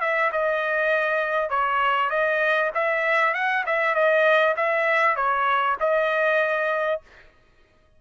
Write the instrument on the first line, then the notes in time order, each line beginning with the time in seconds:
trumpet
0.00 E5
0.32 D#5
1.49 C#5
2.10 D#5
2.74 E5
3.34 F#5
3.66 E5
3.94 D#5
4.56 E5
5.16 C#5
5.80 D#5